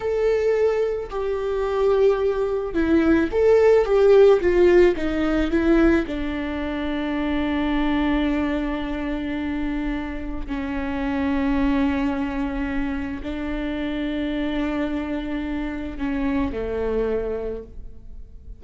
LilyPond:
\new Staff \with { instrumentName = "viola" } { \time 4/4 \tempo 4 = 109 a'2 g'2~ | g'4 e'4 a'4 g'4 | f'4 dis'4 e'4 d'4~ | d'1~ |
d'2. cis'4~ | cis'1 | d'1~ | d'4 cis'4 a2 | }